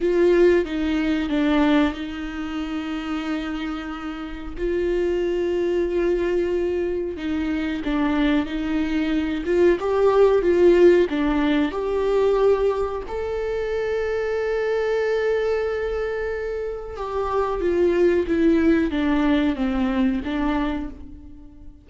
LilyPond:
\new Staff \with { instrumentName = "viola" } { \time 4/4 \tempo 4 = 92 f'4 dis'4 d'4 dis'4~ | dis'2. f'4~ | f'2. dis'4 | d'4 dis'4. f'8 g'4 |
f'4 d'4 g'2 | a'1~ | a'2 g'4 f'4 | e'4 d'4 c'4 d'4 | }